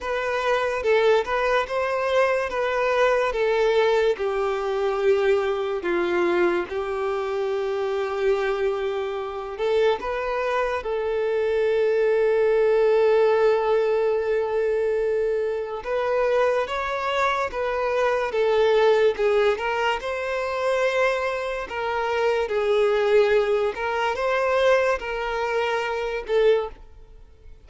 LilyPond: \new Staff \with { instrumentName = "violin" } { \time 4/4 \tempo 4 = 72 b'4 a'8 b'8 c''4 b'4 | a'4 g'2 f'4 | g'2.~ g'8 a'8 | b'4 a'2.~ |
a'2. b'4 | cis''4 b'4 a'4 gis'8 ais'8 | c''2 ais'4 gis'4~ | gis'8 ais'8 c''4 ais'4. a'8 | }